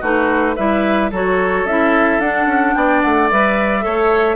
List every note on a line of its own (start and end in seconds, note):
0.00 0.56 A3
0.00 0.56 D#4
0.00 0.55 F#4
0.00 0.56 B4
0.56 1.11 G3
0.56 1.12 E4
0.56 1.11 B4
0.56 1.10 E5
1.11 1.64 F#3
1.11 1.67 F#4
1.11 2.75 A4
1.11 1.66 C#5
1.64 2.19 C#4
1.64 2.22 E4
1.64 2.20 E5
2.19 2.46 D4
2.19 3.31 D4
2.19 2.74 F#5
2.46 2.73 C#4
2.74 3.03 B3
2.74 3.84 D5
2.74 3.01 G5
3.01 3.31 A3
3.01 3.29 F#5
3.31 3.85 G3
3.31 3.81 B4
3.31 4.36 E5
3.81 4.36 A3
3.81 4.35 A4
3.81 4.36 C#5